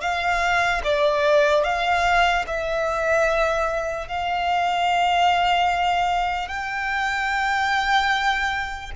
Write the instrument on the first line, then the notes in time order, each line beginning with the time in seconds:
violin
0.00 F5
0.83 D5
1.64 F5
2.47 E5
4.08 F5
6.48 G5